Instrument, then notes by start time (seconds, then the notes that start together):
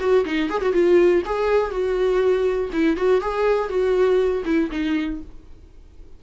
viola
0.00 F#4
0.25 D#4
0.50 G#4
0.62 F#4
0.73 F4
1.26 G#4
1.71 F#4
2.73 E4
2.97 F#4
3.21 G#4
3.69 F#4
4.45 E4
4.71 D#4